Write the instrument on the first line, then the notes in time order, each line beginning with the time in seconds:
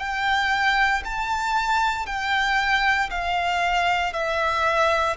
violin
0.00 G5
1.05 A5
2.06 G5
3.10 F5
4.13 E5